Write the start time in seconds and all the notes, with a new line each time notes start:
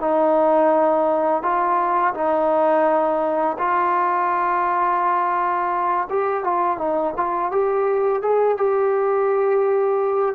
0.00 D#4
1.42 F4
2.14 D#4
3.58 F4
6.09 G4
6.43 F4
6.78 D#4
7.16 F4
7.51 G4
8.22 G#4
8.57 G4